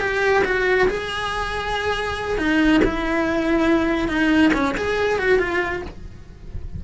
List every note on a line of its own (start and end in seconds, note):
0.00 0.43 G4
0.44 0.88 F#4
0.88 2.38 G#4
2.38 2.81 D#4
2.84 4.08 E4
4.08 4.51 D#4
4.53 4.75 C#4
4.77 5.19 G#4
5.19 5.38 F#4
5.38 5.82 F4